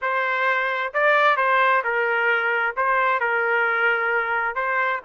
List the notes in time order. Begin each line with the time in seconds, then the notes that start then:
0.01 C5
0.93 D5
1.36 C5
1.84 A#4
2.76 C5
3.20 A#4
4.55 C5